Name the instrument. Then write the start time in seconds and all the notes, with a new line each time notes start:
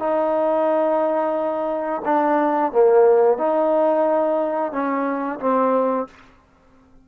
trombone
0.00 D#4
2.06 D4
2.73 A#3
3.38 D#4
4.73 C#4
5.40 C4